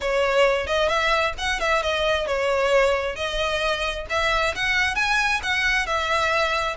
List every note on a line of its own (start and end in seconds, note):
0.01 0.66 C#5
0.66 0.88 D#5
0.88 1.33 E5
1.38 1.60 F#5
1.60 1.82 E5
1.82 2.26 D#5
2.26 3.15 C#5
3.15 4.05 D#5
4.09 4.54 E5
4.55 4.95 F#5
4.95 5.40 G#5
5.43 5.86 F#5
5.86 6.76 E5